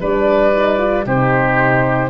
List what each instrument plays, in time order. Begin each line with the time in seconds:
0.00 tuba G3, horn D4, oboe B4, flute D5
0.52 horn D#4
0.78 horn F4
1.06 tuba C3, horn D#4, oboe G4, flute C5